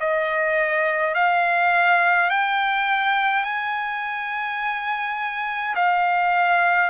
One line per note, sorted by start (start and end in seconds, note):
0.00 1.14 D#5
1.14 2.30 F5
2.30 3.44 G5
3.44 5.75 G#5
5.75 6.90 F5